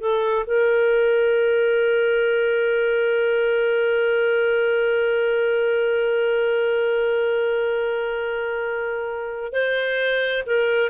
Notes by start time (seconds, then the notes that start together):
0.00 A4
0.46 A#4
9.52 C5
10.46 A#4